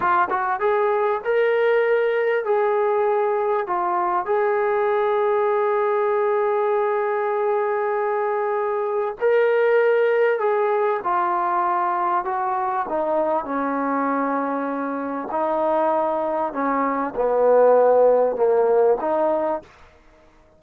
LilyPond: \new Staff \with { instrumentName = "trombone" } { \time 4/4 \tempo 4 = 98 f'8 fis'8 gis'4 ais'2 | gis'2 f'4 gis'4~ | gis'1~ | gis'2. ais'4~ |
ais'4 gis'4 f'2 | fis'4 dis'4 cis'2~ | cis'4 dis'2 cis'4 | b2 ais4 dis'4 | }